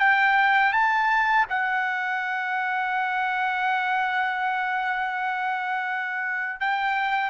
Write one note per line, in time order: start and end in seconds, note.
0.00 0.73 G5
0.73 1.46 A5
1.50 6.61 F#5
6.61 7.30 G5